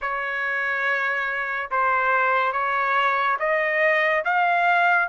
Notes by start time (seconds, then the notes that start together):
0.01 C#5
1.71 C5
2.52 C#5
3.39 D#5
4.24 F5